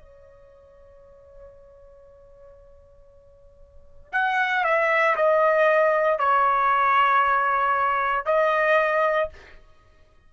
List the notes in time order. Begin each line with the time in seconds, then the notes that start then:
0.00 C#5
4.12 F#5
4.64 E5
5.16 D#5
6.19 C#5
8.26 D#5